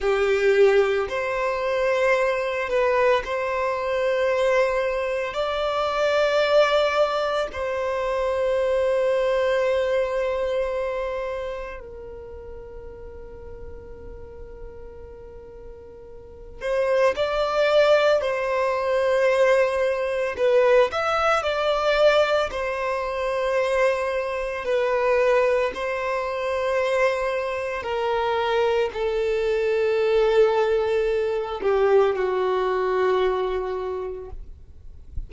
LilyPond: \new Staff \with { instrumentName = "violin" } { \time 4/4 \tempo 4 = 56 g'4 c''4. b'8 c''4~ | c''4 d''2 c''4~ | c''2. ais'4~ | ais'2.~ ais'8 c''8 |
d''4 c''2 b'8 e''8 | d''4 c''2 b'4 | c''2 ais'4 a'4~ | a'4. g'8 fis'2 | }